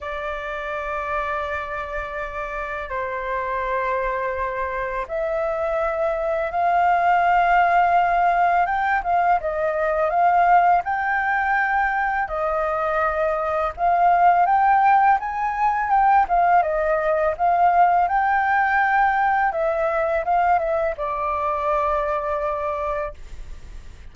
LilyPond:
\new Staff \with { instrumentName = "flute" } { \time 4/4 \tempo 4 = 83 d''1 | c''2. e''4~ | e''4 f''2. | g''8 f''8 dis''4 f''4 g''4~ |
g''4 dis''2 f''4 | g''4 gis''4 g''8 f''8 dis''4 | f''4 g''2 e''4 | f''8 e''8 d''2. | }